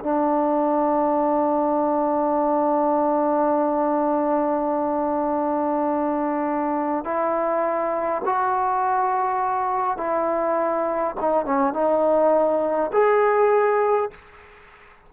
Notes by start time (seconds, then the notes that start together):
0.00 D4
7.05 E4
8.26 F#4
9.97 E4
11.20 D#4
11.45 C#4
11.73 D#4
12.93 G#4